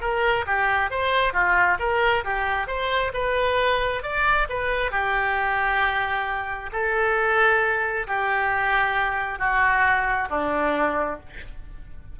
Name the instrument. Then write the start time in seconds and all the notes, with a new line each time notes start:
oboe
0.00 A#4
0.46 G4
0.90 C5
1.33 F4
1.79 A#4
2.24 G4
2.67 C5
3.13 B4
4.03 D5
4.49 B4
4.91 G4
6.72 A4
8.07 G4
9.39 F#4
10.30 D4